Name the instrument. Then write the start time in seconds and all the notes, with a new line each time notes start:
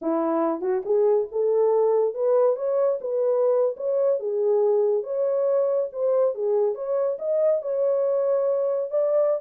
horn
0.01 E4
0.61 F#4
0.85 G#4
1.31 A4
2.14 B4
2.56 C#5
3.00 B4
3.77 C#5
4.19 G#4
5.03 C#5
5.92 C5
6.34 G#4
6.74 C#5
7.19 D#5
7.62 C#5
8.90 D5